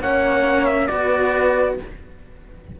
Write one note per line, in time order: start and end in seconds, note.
0.00 0.88 A#3
0.00 0.88 C#4
0.00 0.89 C#5
0.00 0.66 F#5
0.66 0.87 E5
0.87 1.79 B3
0.87 1.76 F#4
0.87 1.80 B4
0.87 1.75 D5